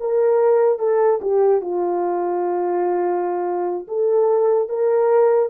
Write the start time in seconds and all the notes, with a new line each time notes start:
0.00 A#4
0.79 A4
1.22 G4
1.61 F4
3.88 A4
4.69 A#4